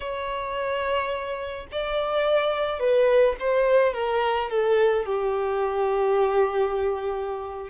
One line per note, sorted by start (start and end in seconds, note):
0.00 1.66 C#5
1.71 2.79 D5
2.79 3.35 B4
3.39 3.93 C5
3.93 4.49 A#4
4.50 5.05 A4
5.05 7.69 G4